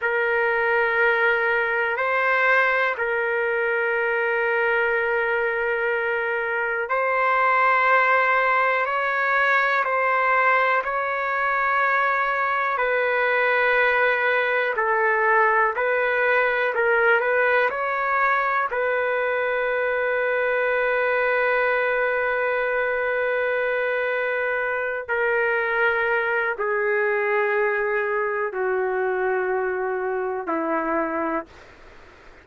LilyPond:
\new Staff \with { instrumentName = "trumpet" } { \time 4/4 \tempo 4 = 61 ais'2 c''4 ais'4~ | ais'2. c''4~ | c''4 cis''4 c''4 cis''4~ | cis''4 b'2 a'4 |
b'4 ais'8 b'8 cis''4 b'4~ | b'1~ | b'4. ais'4. gis'4~ | gis'4 fis'2 e'4 | }